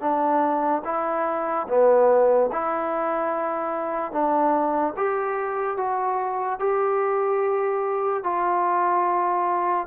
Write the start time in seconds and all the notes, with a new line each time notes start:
0.00 D4
0.85 E4
1.68 B3
2.52 E4
4.12 D4
4.97 G4
5.77 F#4
6.60 G4
8.23 F4